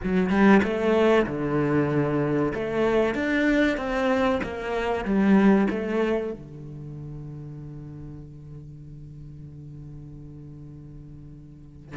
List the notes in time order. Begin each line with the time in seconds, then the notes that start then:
0.03 F#3
0.29 G3
0.63 A3
1.26 D3
2.54 A3
3.14 D4
3.77 C4
4.43 A#3
5.04 G3
5.70 A3
6.32 D3